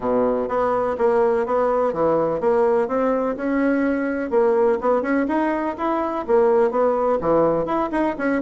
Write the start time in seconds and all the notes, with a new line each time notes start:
0.00 B2
0.48 B3
0.98 A#3
1.46 B3
1.93 E3
2.40 A#3
2.88 C4
3.36 C#4
4.30 A#3
4.80 B3
5.01 C#4
5.28 D#4
5.77 E4
6.27 A#3
6.70 B3
7.20 E3
7.65 E4
7.91 D#4
8.18 C#4